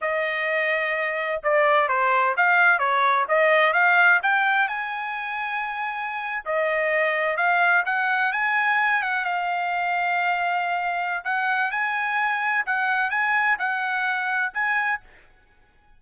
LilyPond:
\new Staff \with { instrumentName = "trumpet" } { \time 4/4 \tempo 4 = 128 dis''2. d''4 | c''4 f''4 cis''4 dis''4 | f''4 g''4 gis''2~ | gis''4.~ gis''16 dis''2 f''16~ |
f''8. fis''4 gis''4. fis''8 f''16~ | f''1 | fis''4 gis''2 fis''4 | gis''4 fis''2 gis''4 | }